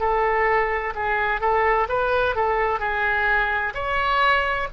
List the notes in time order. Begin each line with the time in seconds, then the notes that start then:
0.00 A4
0.95 G#4
1.41 A4
1.89 B4
2.36 A4
2.80 G#4
3.74 C#5